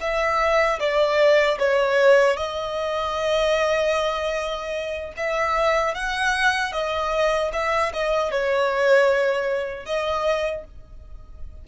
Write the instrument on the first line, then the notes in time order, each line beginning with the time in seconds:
violin
0.00 E5
0.79 D5
1.59 C#5
2.36 D#5
5.16 E5
5.94 F#5
6.72 D#5
7.53 E5
7.93 D#5
8.31 C#5
9.85 D#5